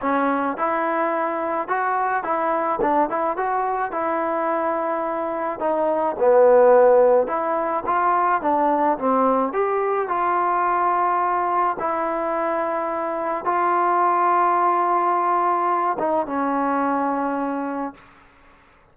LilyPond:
\new Staff \with { instrumentName = "trombone" } { \time 4/4 \tempo 4 = 107 cis'4 e'2 fis'4 | e'4 d'8 e'8 fis'4 e'4~ | e'2 dis'4 b4~ | b4 e'4 f'4 d'4 |
c'4 g'4 f'2~ | f'4 e'2. | f'1~ | f'8 dis'8 cis'2. | }